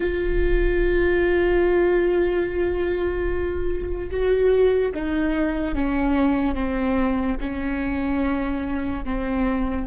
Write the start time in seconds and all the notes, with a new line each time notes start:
0.00 F4
4.10 F#4
4.94 D#4
5.75 C#4
6.55 C4
7.40 C#4
9.04 C4